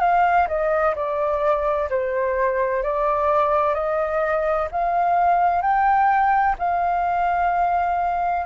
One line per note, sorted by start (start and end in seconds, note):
0.00 0.47 F5
0.48 0.95 D#5
0.95 1.89 D5
1.90 2.83 C5
2.83 3.74 D5
3.74 4.68 D#5
4.71 5.62 F5
5.62 6.55 G5
6.58 8.46 F5